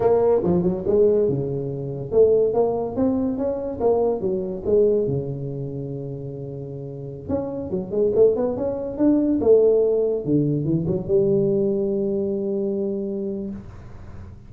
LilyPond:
\new Staff \with { instrumentName = "tuba" } { \time 4/4 \tempo 4 = 142 ais4 f8 fis8 gis4 cis4~ | cis4 a4 ais4 c'4 | cis'4 ais4 fis4 gis4 | cis1~ |
cis4~ cis16 cis'4 fis8 gis8 a8 b16~ | b16 cis'4 d'4 a4.~ a16~ | a16 d4 e8 fis8 g4.~ g16~ | g1 | }